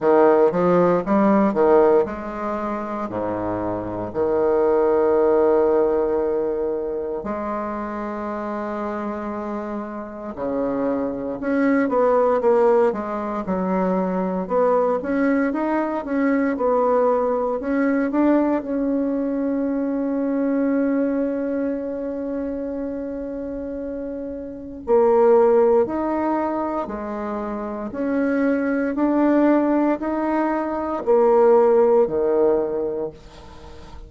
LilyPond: \new Staff \with { instrumentName = "bassoon" } { \time 4/4 \tempo 4 = 58 dis8 f8 g8 dis8 gis4 gis,4 | dis2. gis4~ | gis2 cis4 cis'8 b8 | ais8 gis8 fis4 b8 cis'8 dis'8 cis'8 |
b4 cis'8 d'8 cis'2~ | cis'1 | ais4 dis'4 gis4 cis'4 | d'4 dis'4 ais4 dis4 | }